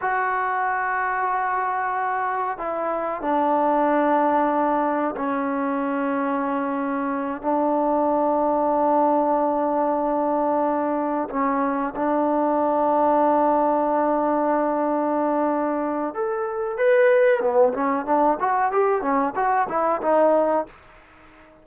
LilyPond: \new Staff \with { instrumentName = "trombone" } { \time 4/4 \tempo 4 = 93 fis'1 | e'4 d'2. | cis'2.~ cis'8 d'8~ | d'1~ |
d'4. cis'4 d'4.~ | d'1~ | d'4 a'4 b'4 b8 cis'8 | d'8 fis'8 g'8 cis'8 fis'8 e'8 dis'4 | }